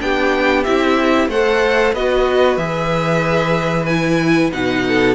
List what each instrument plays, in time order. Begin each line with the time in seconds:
0.00 cello B3, viola D4, violin G4 G5
0.64 cello C4, viola E4, violin E5
1.28 cello A3, viola A4, violin C5 F#5
1.93 cello B3, viola F#4, violin B4 D#5
2.58 cello E3, viola G#4, violin E5
3.86 viola E4, violin G#5
4.52 cello B2, viola D#4, violin F#5
4.88 violin A4